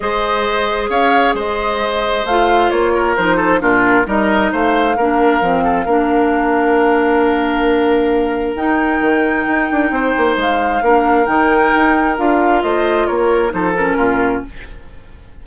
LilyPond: <<
  \new Staff \with { instrumentName = "flute" } { \time 4/4 \tempo 4 = 133 dis''2 f''4 dis''4~ | dis''4 f''4 cis''4 c''4 | ais'4 dis''4 f''2~ | f''1~ |
f''2. g''4~ | g''2. f''4~ | f''4 g''2 f''4 | dis''4 cis''4 c''8 ais'4. | }
  \new Staff \with { instrumentName = "oboe" } { \time 4/4 c''2 cis''4 c''4~ | c''2~ c''8 ais'4 a'8 | f'4 ais'4 c''4 ais'4~ | ais'8 a'8 ais'2.~ |
ais'1~ | ais'2 c''2 | ais'1 | c''4 ais'4 a'4 f'4 | }
  \new Staff \with { instrumentName = "clarinet" } { \time 4/4 gis'1~ | gis'4 f'2 dis'4 | d'4 dis'2 d'4 | c'4 d'2.~ |
d'2. dis'4~ | dis'1 | d'4 dis'2 f'4~ | f'2 dis'8 cis'4. | }
  \new Staff \with { instrumentName = "bassoon" } { \time 4/4 gis2 cis'4 gis4~ | gis4 a4 ais4 f4 | ais,4 g4 a4 ais4 | f4 ais2.~ |
ais2. dis'4 | dis4 dis'8 d'8 c'8 ais8 gis4 | ais4 dis4 dis'4 d'4 | a4 ais4 f4 ais,4 | }
>>